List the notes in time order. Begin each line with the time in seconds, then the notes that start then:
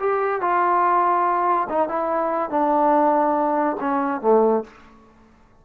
0.00 G4
0.41 F4
1.70 D#4
1.89 E4
2.50 D4
3.80 C#4
4.21 A3